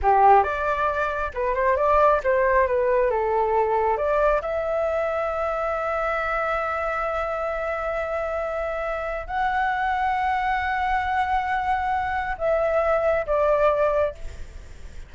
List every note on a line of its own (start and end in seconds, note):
0.02 0.43 G4
0.43 1.31 D5
1.34 1.54 B4
1.54 1.76 C5
1.76 2.20 D5
2.23 2.67 C5
2.67 3.10 B4
3.10 3.97 A4
3.97 4.41 D5
4.41 9.27 E5
9.27 12.35 F#5
12.37 13.26 E5
13.26 14.14 D5